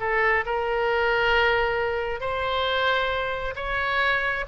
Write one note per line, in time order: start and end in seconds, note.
0.00 0.45 A4
0.46 2.20 A#4
2.20 3.55 C5
3.56 4.45 C#5